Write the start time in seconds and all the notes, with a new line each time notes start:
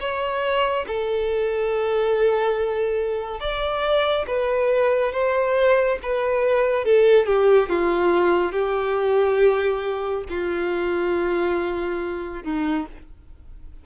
0.00 C#5
0.88 A4
3.40 D5
4.27 B4
5.13 C5
6.02 B4
6.85 A4
7.26 G4
7.69 F4
8.52 G4
10.29 F4
12.43 D#4